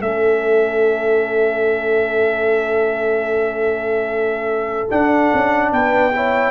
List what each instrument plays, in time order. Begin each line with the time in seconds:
0.00 tuba A3, trombone C#4, horn A4, trumpet E5
4.90 trombone D4, tuba D4, trumpet F#5
5.33 tuba C#4
5.71 tuba B3, horn B4, trumpet G5
6.12 trombone E4, horn C#5